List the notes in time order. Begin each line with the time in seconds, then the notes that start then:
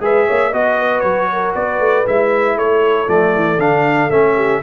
0.00 G#3 G#4 B4 E5
0.27 A#3 C#5
0.49 B3 F#4 D#5
0.78 B4
1.00 F#3 C#5
1.32 A#4
1.55 B3 B4 D5
1.80 A3
2.06 G#3 E4 E5
2.56 A3 A4 C#5
3.07 F3 A3 D5
3.36 E3
3.58 D3 D4 F5
4.10 A3 C#4 E5
4.35 G4